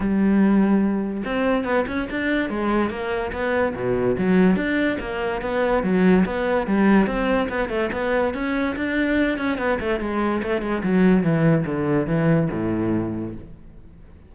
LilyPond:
\new Staff \with { instrumentName = "cello" } { \time 4/4 \tempo 4 = 144 g2. c'4 | b8 cis'8 d'4 gis4 ais4 | b4 b,4 fis4 d'4 | ais4 b4 fis4 b4 |
g4 c'4 b8 a8 b4 | cis'4 d'4. cis'8 b8 a8 | gis4 a8 gis8 fis4 e4 | d4 e4 a,2 | }